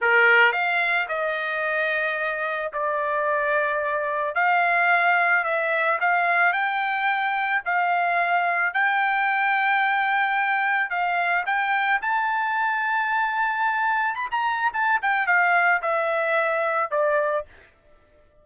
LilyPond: \new Staff \with { instrumentName = "trumpet" } { \time 4/4 \tempo 4 = 110 ais'4 f''4 dis''2~ | dis''4 d''2. | f''2 e''4 f''4 | g''2 f''2 |
g''1 | f''4 g''4 a''2~ | a''2 b''16 ais''8. a''8 g''8 | f''4 e''2 d''4 | }